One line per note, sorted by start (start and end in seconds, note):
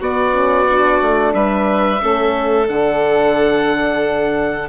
0.00 1.01 B3
0.00 0.32 B3
0.00 1.33 F#4
0.00 1.34 D5
0.32 0.66 C#4
0.69 2.00 D4
1.02 1.34 A3
1.34 2.00 G3
1.34 2.02 B4
1.34 2.67 E5
2.00 2.69 A3
2.00 2.66 C#4
2.00 4.69 A4
2.68 4.69 D3
2.68 4.68 D4
2.68 4.69 F#5